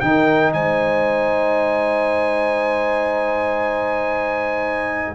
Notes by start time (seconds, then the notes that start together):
0.00 D#3 D#4 A#4 G5
0.53 G#3 C5 G#5